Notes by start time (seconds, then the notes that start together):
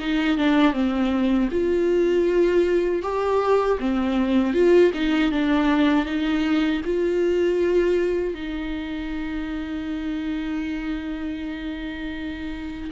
0.00 D#4
0.38 D4
0.73 C4
1.52 F4
3.02 G4
3.80 C4
4.54 F4
4.94 D#4
5.32 D4
6.06 D#4
6.85 F4
8.35 D#4